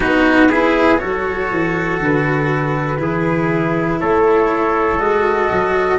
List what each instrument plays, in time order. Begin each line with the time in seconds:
0.00 tuba B3, cello D#4, trumpet F#4, flute B4
0.50 cello E4, trumpet G#4
0.97 tuba F#3, cello F#4, trumpet A4, flute C#5
1.51 tuba E3
1.99 tuba D3, flute B4
2.98 tuba E3, cello E4, trumpet G#4
4.00 tuba A3, trumpet A4, flute C#5
4.99 tuba G#3, cello F#4, flute D#5
5.51 tuba F#3